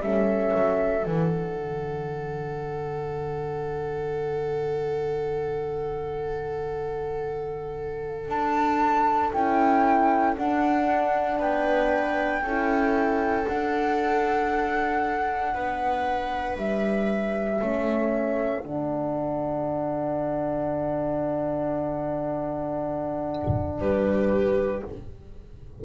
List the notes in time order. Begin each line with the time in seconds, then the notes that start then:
0.00 G3 C#4 A4 E5
0.54 F#3
1.02 E3 D4 F#5
1.56 D3
8.29 D4 A5
9.33 C#4 E4 G5
10.37 D4 F#5
11.39 B3 B4 G5
12.43 C#4 E4 A4
13.46 D4 F#5
15.54 B3 B4
16.57 G3 E5
17.60 A3 C#4 A4
18.61 D3 D4 F#5
23.79 G3 G4 B4